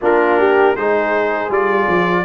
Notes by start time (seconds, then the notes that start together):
0.01 A#3 D4 F4 A#4
0.39 G4
0.72 G#3 D#4 G#4 C5
1.49 G3 F4 D5
1.87 F3